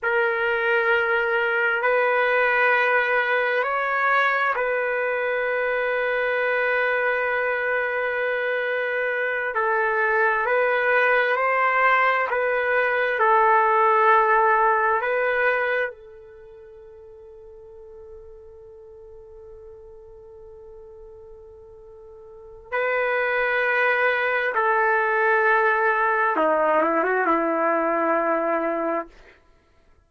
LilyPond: \new Staff \with { instrumentName = "trumpet" } { \time 4/4 \tempo 4 = 66 ais'2 b'2 | cis''4 b'2.~ | b'2~ b'8 a'4 b'8~ | b'8 c''4 b'4 a'4.~ |
a'8 b'4 a'2~ a'8~ | a'1~ | a'4 b'2 a'4~ | a'4 dis'8 e'16 fis'16 e'2 | }